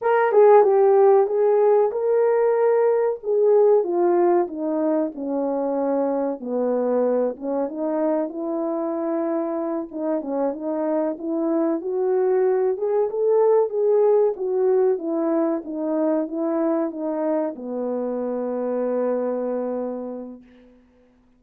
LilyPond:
\new Staff \with { instrumentName = "horn" } { \time 4/4 \tempo 4 = 94 ais'8 gis'8 g'4 gis'4 ais'4~ | ais'4 gis'4 f'4 dis'4 | cis'2 b4. cis'8 | dis'4 e'2~ e'8 dis'8 |
cis'8 dis'4 e'4 fis'4. | gis'8 a'4 gis'4 fis'4 e'8~ | e'8 dis'4 e'4 dis'4 b8~ | b1 | }